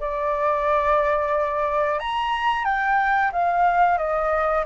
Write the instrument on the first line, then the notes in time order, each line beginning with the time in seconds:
flute
0.00 D5
1.99 A#5
2.64 G5
3.32 F5
3.98 D#5